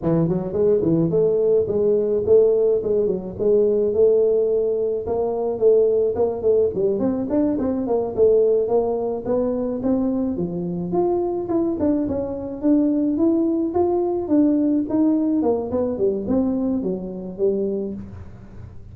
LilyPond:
\new Staff \with { instrumentName = "tuba" } { \time 4/4 \tempo 4 = 107 e8 fis8 gis8 e8 a4 gis4 | a4 gis8 fis8 gis4 a4~ | a4 ais4 a4 ais8 a8 | g8 c'8 d'8 c'8 ais8 a4 ais8~ |
ais8 b4 c'4 f4 f'8~ | f'8 e'8 d'8 cis'4 d'4 e'8~ | e'8 f'4 d'4 dis'4 ais8 | b8 g8 c'4 fis4 g4 | }